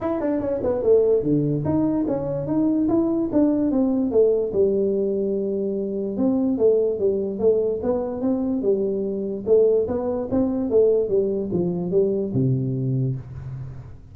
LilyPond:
\new Staff \with { instrumentName = "tuba" } { \time 4/4 \tempo 4 = 146 e'8 d'8 cis'8 b8 a4 d4 | dis'4 cis'4 dis'4 e'4 | d'4 c'4 a4 g4~ | g2. c'4 |
a4 g4 a4 b4 | c'4 g2 a4 | b4 c'4 a4 g4 | f4 g4 c2 | }